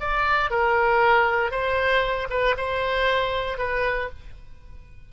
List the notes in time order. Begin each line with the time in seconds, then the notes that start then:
0.00 D5
0.51 A#4
1.51 C5
2.30 B4
2.57 C5
3.58 B4